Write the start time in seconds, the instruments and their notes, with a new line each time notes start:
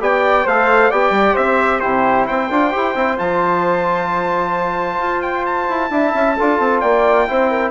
0.00 bassoon B3, trombone G4, flute D5, trumpet G5
0.44 bassoon A3, trombone A4, flute C5, trumpet F5
0.90 bassoon B3, trombone G4, flute D5, trumpet G5
1.10 bassoon G3
1.33 bassoon C4, flute C5, trumpet E5
1.80 bassoon C3, trombone E4, flute G4, trumpet C5
2.27 bassoon C4, flute C5, trumpet G5
2.50 bassoon D4, trombone F4
2.72 bassoon E4, trombone G4
2.95 bassoon C4, trombone E4
3.17 bassoon F3, trombone F4, trumpet A5
4.98 bassoon F4
5.22 trumpet G5
5.46 trumpet A5
5.69 bassoon E4
5.90 bassoon D4, trombone E4, flute E5
6.14 bassoon C#4
6.37 bassoon D4, trombone F4, flute A4
6.59 bassoon C4
6.80 bassoon A#3, flute D5, trumpet G5
7.28 bassoon C4, trombone E4, flute C5
7.50 flute A#4